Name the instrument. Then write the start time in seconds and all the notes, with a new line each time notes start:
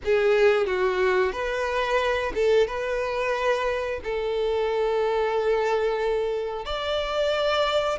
violin
0.04 G#4
0.66 F#4
1.32 B4
2.35 A4
2.67 B4
4.03 A4
6.65 D5